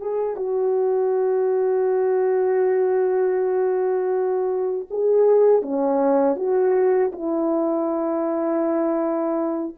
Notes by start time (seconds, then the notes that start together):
0.00 G#4
0.36 F#4
4.90 G#4
5.62 C#4
6.36 F#4
7.12 E4